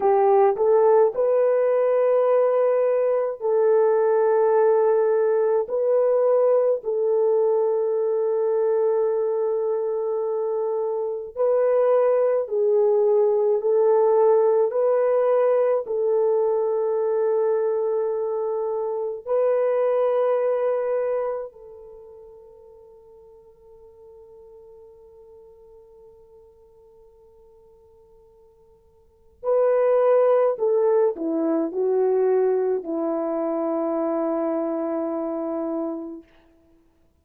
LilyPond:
\new Staff \with { instrumentName = "horn" } { \time 4/4 \tempo 4 = 53 g'8 a'8 b'2 a'4~ | a'4 b'4 a'2~ | a'2 b'4 gis'4 | a'4 b'4 a'2~ |
a'4 b'2 a'4~ | a'1~ | a'2 b'4 a'8 e'8 | fis'4 e'2. | }